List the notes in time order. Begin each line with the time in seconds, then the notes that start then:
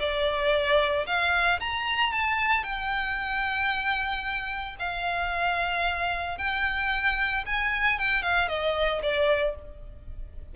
0.00 D5
1.07 F5
1.60 A#5
2.13 A5
2.64 G5
4.79 F5
6.38 G5
7.46 G#5
7.99 G5
8.23 F5
8.49 D#5
9.03 D5